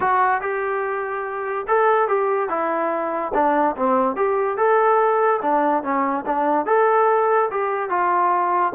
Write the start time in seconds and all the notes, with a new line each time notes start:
0.00 F#4
0.41 G4
1.67 A4
2.08 G4
2.49 E4
3.34 D4
3.76 C4
4.16 G4
4.57 A4
5.42 D4
5.83 C#4
6.26 D4
6.66 A4
7.50 G4
7.89 F4